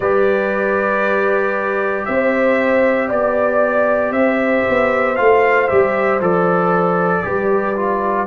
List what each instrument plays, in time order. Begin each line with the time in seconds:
0.00 tuba G3, trombone G4, horn B4, trumpet D5
2.05 tuba C4, horn C5, trumpet E5
3.08 tuba B3, horn D5, trumpet D5
4.11 tuba C4, trumpet E5
4.17 horn C5
4.69 tuba B3
5.16 tuba A3, trombone F4, trumpet F5
5.68 tuba G3, trombone G4, trumpet E5
6.20 tuba F3, trombone A4, trumpet D5
7.23 tuba G3, trombone G4, horn B4
7.75 trombone F4